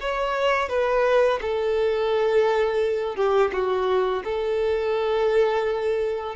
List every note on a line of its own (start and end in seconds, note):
0.00 0.69 C#5
0.69 1.40 B4
1.41 3.16 A4
3.16 3.51 G4
3.53 4.23 F#4
4.24 6.36 A4